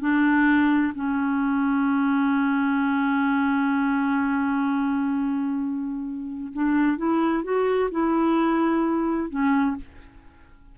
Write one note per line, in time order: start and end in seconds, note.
0.00 0.93 D4
0.95 6.53 C#4
6.53 6.97 D4
6.97 7.44 E4
7.44 7.90 F#4
7.91 9.30 E4
9.30 9.76 C#4